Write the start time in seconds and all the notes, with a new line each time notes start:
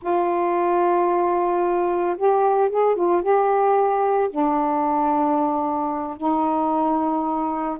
0.01 F4
2.17 G4
2.69 G#4
2.95 F4
3.22 G4
4.30 D4
6.17 D#4